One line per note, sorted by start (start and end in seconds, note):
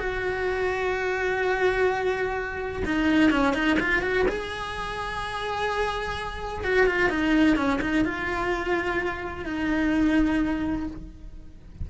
0.00 2.83 F#4
2.86 3.31 D#4
3.31 3.55 C#4
3.55 3.78 D#4
3.80 4.02 F4
4.02 4.26 F#4
4.29 6.64 G#4
6.64 6.87 F#4
6.87 7.10 F4
7.10 7.57 D#4
7.57 7.80 C#4
7.81 8.05 D#4
8.05 9.46 F4
9.46 10.87 D#4